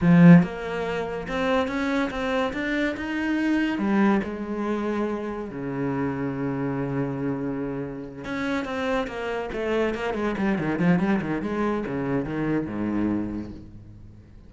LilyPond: \new Staff \with { instrumentName = "cello" } { \time 4/4 \tempo 4 = 142 f4 ais2 c'4 | cis'4 c'4 d'4 dis'4~ | dis'4 g4 gis2~ | gis4 cis2.~ |
cis2.~ cis8 cis'8~ | cis'8 c'4 ais4 a4 ais8 | gis8 g8 dis8 f8 g8 dis8 gis4 | cis4 dis4 gis,2 | }